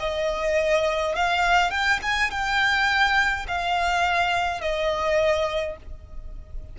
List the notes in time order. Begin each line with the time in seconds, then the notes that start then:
0.00 D#5
1.15 F5
1.70 G5
2.02 G#5
2.31 G5
3.48 F5
4.61 D#5